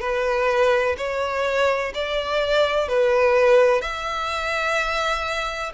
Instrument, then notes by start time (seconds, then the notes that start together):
violin
0.00 B4
0.97 C#5
1.94 D5
2.88 B4
3.81 E5